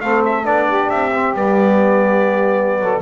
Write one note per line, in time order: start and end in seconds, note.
0.00 0.44 A3
0.00 0.43 C4
0.00 0.68 A4
0.00 0.23 F5
0.25 0.45 E5
0.43 0.89 B3
0.43 1.11 D4
0.43 0.89 D5
0.68 2.80 G4
0.89 1.34 C4
0.89 1.34 E5
1.14 1.36 C4
1.34 2.79 G3
1.34 3.02 B3
1.34 3.02 D5
2.79 3.02 F#3
2.79 3.02 A4